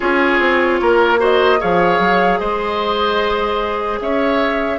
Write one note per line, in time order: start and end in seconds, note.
0.00 0.39 C#4
0.00 1.18 F4
0.00 0.80 G#4
0.00 1.20 C#5
0.39 0.79 C4
0.81 1.61 A#3
0.81 1.19 A#4
1.18 1.58 F#4
1.18 1.59 C5
1.18 1.61 D#5
1.59 1.99 F3
1.59 4.79 G#4
1.59 2.39 C#5
1.59 2.38 F5
1.99 2.39 F#3
2.38 4.00 G#3
2.38 3.99 C5
2.38 3.98 D#5
4.00 4.79 C#4
4.00 4.79 C#5
4.00 4.79 E5